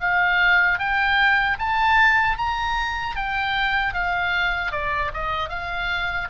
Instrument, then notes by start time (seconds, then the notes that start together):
oboe
0.00 F5
0.78 G5
1.58 A5
2.37 A#5
3.15 G5
3.93 F5
4.71 D5
5.13 D#5
5.49 F5